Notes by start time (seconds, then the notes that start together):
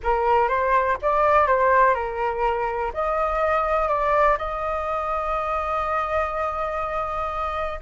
0.03 A#4
0.48 C5
1.01 D5
1.47 C5
1.94 A#4
2.93 D#5
3.88 D5
4.38 D#5